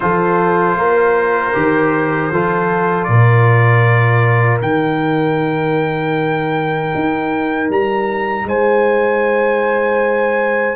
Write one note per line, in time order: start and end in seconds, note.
0.00 0.75 F3
0.00 1.53 F4
0.00 0.78 A4
0.00 3.04 C5
0.75 1.52 A#3
0.75 2.32 A#4
1.53 2.31 D#3
1.53 2.30 G4
2.31 3.08 F3
2.31 4.60 F4
2.31 3.08 A4
3.04 4.62 A#2
3.04 8.47 A#4
3.04 4.57 D5
4.60 6.92 D#3
4.60 10.76 D#4
4.60 7.69 G5
6.94 7.69 D#4
7.69 8.44 G3
7.69 8.48 A#5
8.44 10.75 G#3
8.44 10.76 C5
8.44 10.76 G#5